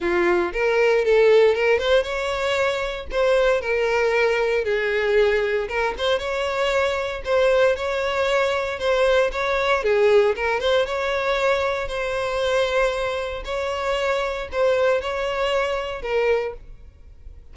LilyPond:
\new Staff \with { instrumentName = "violin" } { \time 4/4 \tempo 4 = 116 f'4 ais'4 a'4 ais'8 c''8 | cis''2 c''4 ais'4~ | ais'4 gis'2 ais'8 c''8 | cis''2 c''4 cis''4~ |
cis''4 c''4 cis''4 gis'4 | ais'8 c''8 cis''2 c''4~ | c''2 cis''2 | c''4 cis''2 ais'4 | }